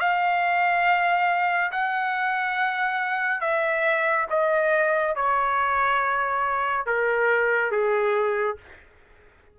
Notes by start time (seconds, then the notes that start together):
0.00 F5
1.72 F#5
3.41 E5
4.30 D#5
5.16 C#5
6.86 A#4
7.71 G#4